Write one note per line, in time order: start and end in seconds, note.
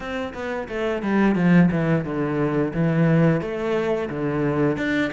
0.00 0.33 C4
0.33 0.68 B3
0.68 1.02 A3
1.02 1.35 G3
1.35 1.69 F3
1.71 2.04 E3
2.04 2.72 D3
2.73 3.41 E3
3.41 4.09 A3
4.09 4.77 D3
4.77 5.11 D4